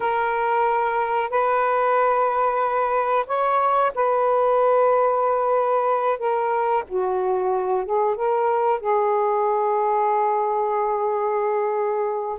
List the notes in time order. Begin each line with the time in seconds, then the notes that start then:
0.00 A#4
1.30 B4
3.26 C#5
3.95 B4
6.18 A#4
6.88 F#4
7.85 G#4
8.15 A#4
8.80 G#4